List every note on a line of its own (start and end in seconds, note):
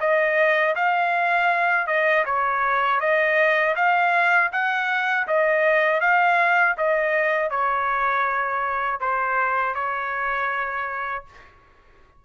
0.00 0.75 D#5
0.75 1.87 F5
1.87 2.24 D#5
2.25 3.00 C#5
3.00 3.75 D#5
3.76 4.51 F5
4.52 5.27 F#5
5.27 6.01 D#5
6.01 6.76 F5
6.77 7.50 D#5
7.50 9.00 C#5
9.00 9.74 C5
9.74 11.24 C#5